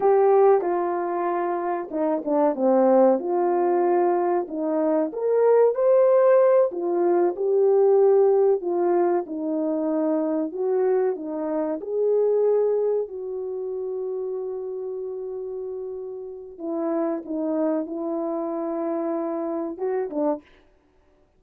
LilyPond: \new Staff \with { instrumentName = "horn" } { \time 4/4 \tempo 4 = 94 g'4 f'2 dis'8 d'8 | c'4 f'2 dis'4 | ais'4 c''4. f'4 g'8~ | g'4. f'4 dis'4.~ |
dis'8 fis'4 dis'4 gis'4.~ | gis'8 fis'2.~ fis'8~ | fis'2 e'4 dis'4 | e'2. fis'8 d'8 | }